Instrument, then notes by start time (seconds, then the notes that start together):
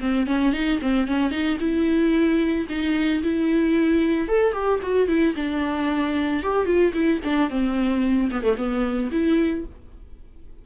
viola
0.00 C4
0.26 C#4
0.53 D#4
0.82 C4
1.07 C#4
1.31 D#4
1.60 E4
2.69 D#4
3.23 E4
4.28 A4
4.52 G4
4.82 F#4
5.07 E4
5.36 D4
6.43 G4
6.66 F4
6.93 E4
7.24 D4
7.50 C4
8.31 B3
8.43 A3
8.57 B3
9.11 E4